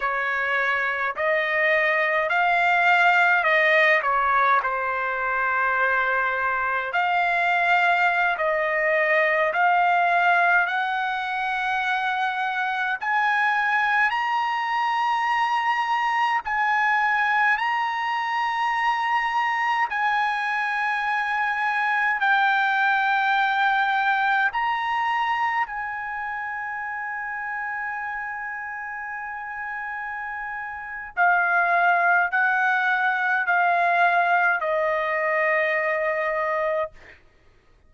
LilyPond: \new Staff \with { instrumentName = "trumpet" } { \time 4/4 \tempo 4 = 52 cis''4 dis''4 f''4 dis''8 cis''8 | c''2 f''4~ f''16 dis''8.~ | dis''16 f''4 fis''2 gis''8.~ | gis''16 ais''2 gis''4 ais''8.~ |
ais''4~ ais''16 gis''2 g''8.~ | g''4~ g''16 ais''4 gis''4.~ gis''16~ | gis''2. f''4 | fis''4 f''4 dis''2 | }